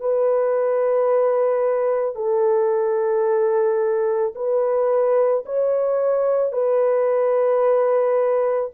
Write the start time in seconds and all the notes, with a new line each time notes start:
0.00 B4
2.15 A4
4.35 B4
5.46 C#5
6.53 B4